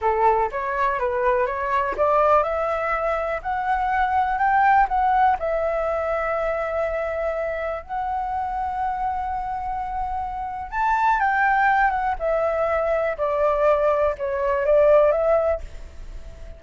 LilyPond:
\new Staff \with { instrumentName = "flute" } { \time 4/4 \tempo 4 = 123 a'4 cis''4 b'4 cis''4 | d''4 e''2 fis''4~ | fis''4 g''4 fis''4 e''4~ | e''1 |
fis''1~ | fis''2 a''4 g''4~ | g''8 fis''8 e''2 d''4~ | d''4 cis''4 d''4 e''4 | }